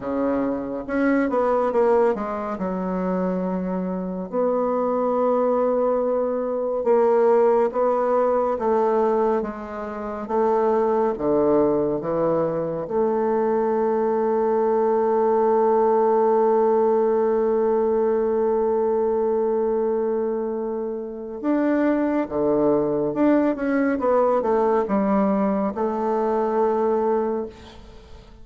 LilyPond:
\new Staff \with { instrumentName = "bassoon" } { \time 4/4 \tempo 4 = 70 cis4 cis'8 b8 ais8 gis8 fis4~ | fis4 b2. | ais4 b4 a4 gis4 | a4 d4 e4 a4~ |
a1~ | a1~ | a4 d'4 d4 d'8 cis'8 | b8 a8 g4 a2 | }